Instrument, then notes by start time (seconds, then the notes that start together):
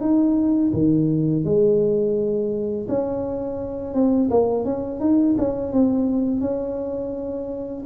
tuba
0.00 D#4
0.73 D#3
1.44 G#3
2.88 C#4
3.94 C4
4.30 A#3
4.65 C#4
5.00 D#4
5.38 C#4
5.72 C4
6.41 C#4